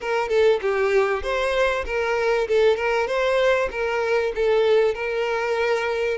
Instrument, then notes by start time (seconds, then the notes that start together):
violin
0.00 A#4
0.28 A4
0.61 G4
1.23 C5
1.85 A#4
2.47 A4
2.76 A#4
3.07 C5
3.71 A#4
4.35 A4
4.94 A#4